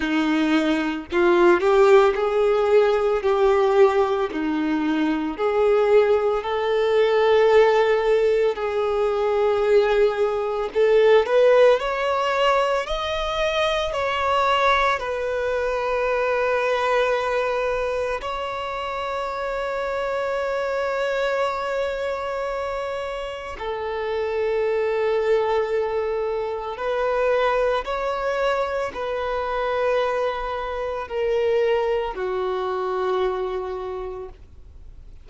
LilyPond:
\new Staff \with { instrumentName = "violin" } { \time 4/4 \tempo 4 = 56 dis'4 f'8 g'8 gis'4 g'4 | dis'4 gis'4 a'2 | gis'2 a'8 b'8 cis''4 | dis''4 cis''4 b'2~ |
b'4 cis''2.~ | cis''2 a'2~ | a'4 b'4 cis''4 b'4~ | b'4 ais'4 fis'2 | }